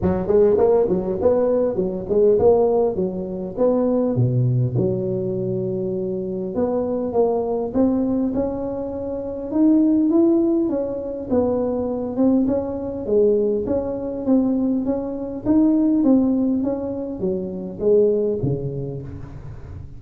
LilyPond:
\new Staff \with { instrumentName = "tuba" } { \time 4/4 \tempo 4 = 101 fis8 gis8 ais8 fis8 b4 fis8 gis8 | ais4 fis4 b4 b,4 | fis2. b4 | ais4 c'4 cis'2 |
dis'4 e'4 cis'4 b4~ | b8 c'8 cis'4 gis4 cis'4 | c'4 cis'4 dis'4 c'4 | cis'4 fis4 gis4 cis4 | }